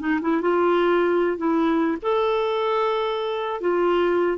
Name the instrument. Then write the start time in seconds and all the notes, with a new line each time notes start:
clarinet
0.00 D#4
0.22 E4
0.42 F4
1.38 E4
2.03 A4
3.61 F4